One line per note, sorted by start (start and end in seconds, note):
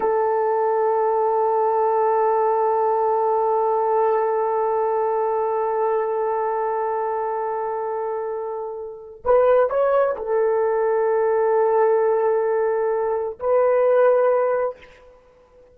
0.00 9.23 A4
9.24 9.69 B4
9.69 10.15 C#5
10.16 13.39 A4
13.39 14.78 B4